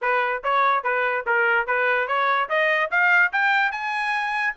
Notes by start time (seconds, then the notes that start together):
0.01 B4
0.43 C#5
0.83 B4
1.26 A#4
1.67 B4
2.07 C#5
2.49 D#5
2.90 F5
3.32 G5
3.71 G#5